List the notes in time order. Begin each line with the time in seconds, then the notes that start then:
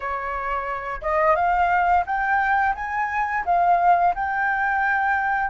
0.00 C#5
1.01 D#5
1.35 F5
2.06 G5
2.75 G#5
3.45 F5
4.14 G5